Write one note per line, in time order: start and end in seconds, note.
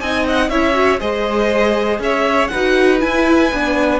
0.00 0.50 C4
0.00 0.51 D#4
0.00 0.50 D#5
0.00 0.25 G#5
0.28 0.49 F#5
0.49 1.00 C#4
0.49 0.72 E4
0.49 1.00 C#5
0.49 0.99 E5
0.72 0.97 F#4
1.00 1.99 G#3
1.00 2.50 G#4
1.00 2.00 C5
1.00 2.00 D#5
1.99 2.49 C#4
1.99 2.51 C#5
1.99 2.47 E5
2.47 3.03 D#4
2.47 3.99 B4
2.47 2.97 F#5
2.54 2.99 F#4
2.99 3.49 E4
2.99 3.52 E4
2.99 3.99 G#5
3.52 3.99 B3
3.52 3.99 D4